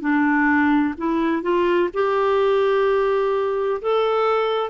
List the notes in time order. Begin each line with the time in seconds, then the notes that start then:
0.00 D4
0.97 E4
1.42 F4
1.93 G4
3.81 A4